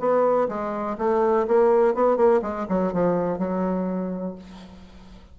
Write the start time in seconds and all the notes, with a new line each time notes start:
0.00 B3
0.49 G#3
0.99 A3
1.48 A#3
1.95 B3
2.17 A#3
2.43 G#3
2.69 F#3
2.93 F3
3.39 F#3